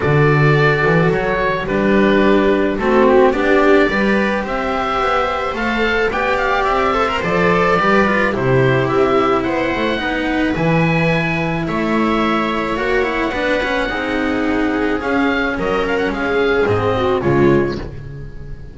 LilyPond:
<<
  \new Staff \with { instrumentName = "oboe" } { \time 4/4 \tempo 4 = 108 d''2 cis''4 b'4~ | b'4 a'8 g'8 d''2 | e''2 f''4 g''8 f''8 | e''4 d''2 c''4 |
e''4 fis''2 gis''4~ | gis''4 e''2 fis''4~ | fis''2. f''4 | dis''8 f''16 fis''16 f''4 dis''4 cis''4 | }
  \new Staff \with { instrumentName = "viola" } { \time 4/4 a'2. g'4~ | g'4 fis'4 g'4 b'4 | c''2. d''4~ | d''8 c''4. b'4 g'4~ |
g'4 c''4 b'2~ | b'4 cis''2. | b'4 gis'2. | ais'4 gis'4. fis'8 f'4 | }
  \new Staff \with { instrumentName = "cello" } { \time 4/4 fis'2. d'4~ | d'4 c'4 d'4 g'4~ | g'2 a'4 g'4~ | g'8 a'16 ais'16 a'4 g'8 f'8 e'4~ |
e'2 dis'4 e'4~ | e'2. fis'8 e'8 | d'8 cis'8 dis'2 cis'4~ | cis'2 c'4 gis4 | }
  \new Staff \with { instrumentName = "double bass" } { \time 4/4 d4. e8 fis4 g4~ | g4 a4 b4 g4 | c'4 b4 a4 b4 | c'4 f4 g4 c4 |
c'4 b8 a8 b4 e4~ | e4 a2 ais4 | b4 c'2 cis'4 | fis4 gis4 gis,4 cis4 | }
>>